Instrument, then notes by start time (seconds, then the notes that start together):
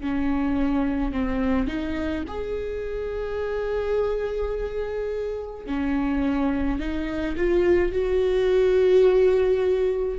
viola
0.00 C#4
1.12 C4
1.67 D#4
2.27 G#4
5.66 C#4
6.79 D#4
7.36 F4
7.92 F#4